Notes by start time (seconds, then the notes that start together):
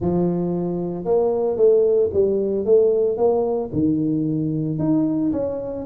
0.00 F3
1.05 A#3
1.56 A3
2.13 G3
2.65 A3
3.17 A#3
3.72 D#3
4.79 D#4
5.32 C#4